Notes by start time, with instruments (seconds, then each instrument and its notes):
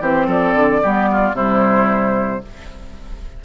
0.00 bassoon E3, clarinet C4, oboe G4, flute C5
0.26 bassoon F3, oboe A4, flute D5
0.55 bassoon D3
0.82 bassoon G3, clarinet B3, oboe G4
1.11 oboe F4
1.32 bassoon C3, clarinet G3, oboe E4, flute C5